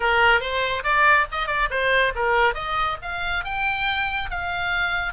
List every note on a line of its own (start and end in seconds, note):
0.00 0.40 A#4
0.40 0.83 C5
0.83 1.26 D5
1.31 1.47 D#5
1.47 1.68 D5
1.70 2.13 C5
2.15 2.54 A#4
2.54 2.97 D#5
3.01 3.44 F5
3.44 4.30 G5
4.30 5.13 F5